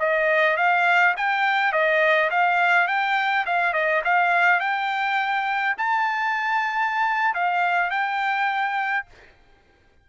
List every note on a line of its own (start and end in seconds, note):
0.00 0.57 D#5
0.57 1.15 F5
1.17 1.73 G5
1.73 2.30 D#5
2.31 2.88 F5
2.88 3.45 G5
3.46 3.73 F5
3.73 4.02 D#5
4.04 4.60 F5
4.60 5.76 G5
5.78 7.35 A5
7.35 7.90 F5
7.90 9.06 G5